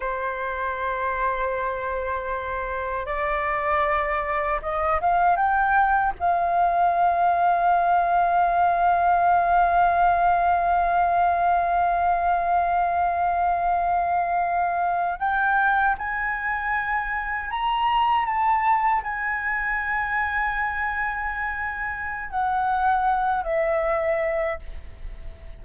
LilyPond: \new Staff \with { instrumentName = "flute" } { \time 4/4 \tempo 4 = 78 c''1 | d''2 dis''8 f''8 g''4 | f''1~ | f''1~ |
f''2.~ f''8. g''16~ | g''8. gis''2 ais''4 a''16~ | a''8. gis''2.~ gis''16~ | gis''4 fis''4. e''4. | }